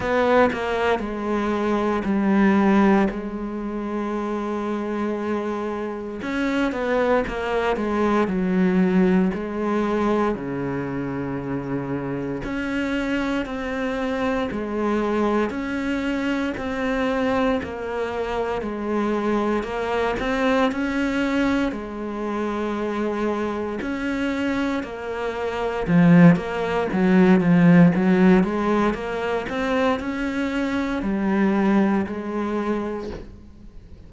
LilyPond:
\new Staff \with { instrumentName = "cello" } { \time 4/4 \tempo 4 = 58 b8 ais8 gis4 g4 gis4~ | gis2 cis'8 b8 ais8 gis8 | fis4 gis4 cis2 | cis'4 c'4 gis4 cis'4 |
c'4 ais4 gis4 ais8 c'8 | cis'4 gis2 cis'4 | ais4 f8 ais8 fis8 f8 fis8 gis8 | ais8 c'8 cis'4 g4 gis4 | }